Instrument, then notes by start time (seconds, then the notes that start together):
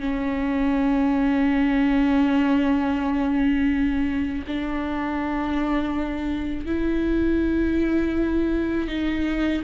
viola
0.00 C#4
4.47 D4
6.66 E4
8.88 D#4